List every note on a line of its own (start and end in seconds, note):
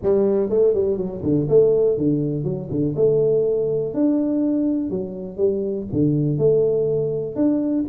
0.02 0.49 G3
0.49 0.74 A3
0.74 0.97 G3
0.97 1.21 F#3
1.22 1.47 D3
1.48 1.97 A3
1.97 2.43 D3
2.43 2.68 F#3
2.70 2.95 D3
2.96 3.94 A3
3.94 4.90 D4
4.90 5.37 F#3
5.37 5.86 G3
5.92 6.38 D3
6.38 7.35 A3
7.35 7.84 D4